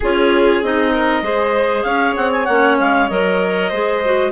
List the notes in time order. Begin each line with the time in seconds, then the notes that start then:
0.00 C#4 F4 G#4 C#5
0.62 C4 D#4 D#5
0.92 A#4
1.22 G#3 G#4 C5
1.83 C#4 C#5 F5
2.16 C4 F#5
2.32 G#5
2.45 A#3 C#4 F#5
2.79 G#3 F5
3.08 F#3 A#4 D#5
3.68 G#3 G#4 C5
4.04 F#4